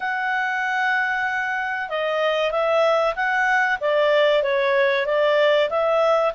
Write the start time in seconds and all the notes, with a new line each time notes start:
0.00 F#5
1.89 D#5
2.51 E5
3.15 F#5
3.80 D5
4.42 C#5
5.06 D5
5.69 E5